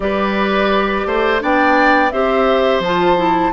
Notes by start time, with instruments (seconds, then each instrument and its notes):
0.00 bassoon G3, clarinet G4, oboe B4, flute D5
1.06 bassoon A3, oboe C5
1.40 bassoon B3, clarinet D4, oboe D5, flute G5
2.10 bassoon C4, clarinet G4, oboe C5, flute E5
2.79 bassoon F3, clarinet F4, flute A5
3.16 clarinet E4